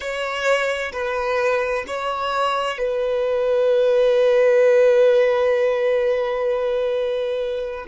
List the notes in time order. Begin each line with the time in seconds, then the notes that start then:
0.00 C#5
0.92 B4
1.87 C#5
2.78 B4